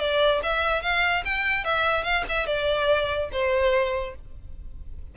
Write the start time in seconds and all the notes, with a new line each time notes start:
0.00 D5
0.43 E5
0.82 F5
1.25 G5
1.65 E5
2.04 F5
2.29 E5
2.47 D5
3.32 C5